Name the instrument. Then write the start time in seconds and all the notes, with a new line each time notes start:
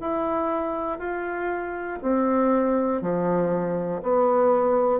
bassoon
0.00 E4
0.99 F4
2.02 C4
3.01 F3
4.02 B3